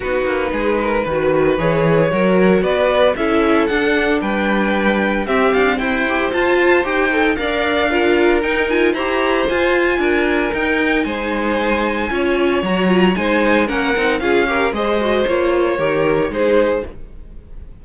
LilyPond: <<
  \new Staff \with { instrumentName = "violin" } { \time 4/4 \tempo 4 = 114 b'2. cis''4~ | cis''4 d''4 e''4 fis''4 | g''2 e''8 f''8 g''4 | a''4 g''4 f''2 |
g''8 gis''8 ais''4 gis''2 | g''4 gis''2. | ais''4 gis''4 fis''4 f''4 | dis''4 cis''2 c''4 | }
  \new Staff \with { instrumentName = "violin" } { \time 4/4 fis'4 gis'8 ais'8 b'2 | ais'4 b'4 a'2 | b'2 g'4 c''4~ | c''2 d''4 ais'4~ |
ais'4 c''2 ais'4~ | ais'4 c''2 cis''4~ | cis''4 c''4 ais'4 gis'8 ais'8 | c''2 ais'4 gis'4 | }
  \new Staff \with { instrumentName = "viola" } { \time 4/4 dis'2 fis'4 gis'4 | fis'2 e'4 d'4~ | d'2 c'4. g'8 | f'4 g'8 a'8 ais'4 f'4 |
dis'8 f'8 g'4 f'2 | dis'2. f'4 | fis'8 f'8 dis'4 cis'8 dis'8 f'8 g'8 | gis'8 fis'8 f'4 g'4 dis'4 | }
  \new Staff \with { instrumentName = "cello" } { \time 4/4 b8 ais8 gis4 dis4 e4 | fis4 b4 cis'4 d'4 | g2 c'8 d'8 e'4 | f'4 dis'4 d'2 |
dis'4 e'4 f'4 d'4 | dis'4 gis2 cis'4 | fis4 gis4 ais8 c'8 cis'4 | gis4 ais4 dis4 gis4 | }
>>